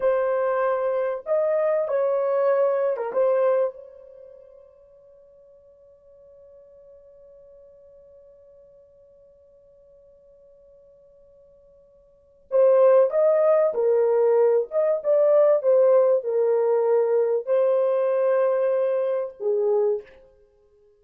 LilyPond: \new Staff \with { instrumentName = "horn" } { \time 4/4 \tempo 4 = 96 c''2 dis''4 cis''4~ | cis''8. ais'16 c''4 cis''2~ | cis''1~ | cis''1~ |
cis''1 | c''4 dis''4 ais'4. dis''8 | d''4 c''4 ais'2 | c''2. gis'4 | }